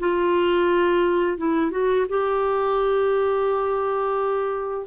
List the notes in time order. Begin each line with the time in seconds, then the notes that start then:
0.00 F4
1.38 E4
1.71 F#4
2.09 G4